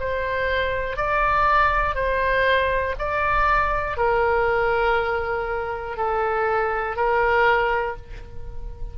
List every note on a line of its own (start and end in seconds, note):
0.00 0.97 C5
0.97 1.95 D5
1.95 2.95 C5
2.99 3.98 D5
3.98 5.98 A#4
5.98 6.96 A4
6.96 7.96 A#4